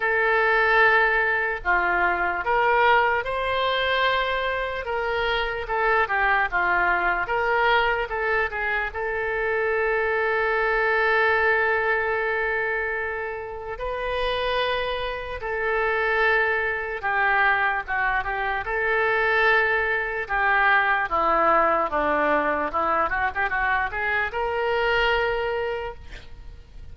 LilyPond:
\new Staff \with { instrumentName = "oboe" } { \time 4/4 \tempo 4 = 74 a'2 f'4 ais'4 | c''2 ais'4 a'8 g'8 | f'4 ais'4 a'8 gis'8 a'4~ | a'1~ |
a'4 b'2 a'4~ | a'4 g'4 fis'8 g'8 a'4~ | a'4 g'4 e'4 d'4 | e'8 fis'16 g'16 fis'8 gis'8 ais'2 | }